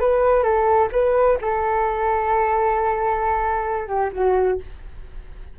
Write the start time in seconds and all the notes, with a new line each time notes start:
0.00 B4
0.43 A4
0.92 B4
1.41 A4
3.87 G4
4.13 F#4